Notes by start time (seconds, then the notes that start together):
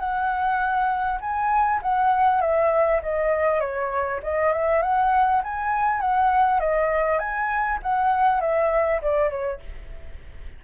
0.00 F#5
1.21 G#5
1.82 F#5
2.41 E5
3.03 D#5
3.61 C#5
4.24 D#5
4.53 E5
4.83 F#5
5.44 G#5
6.01 F#5
6.60 D#5
7.20 G#5
7.83 F#5
8.41 E5
9.02 D5
9.30 C#5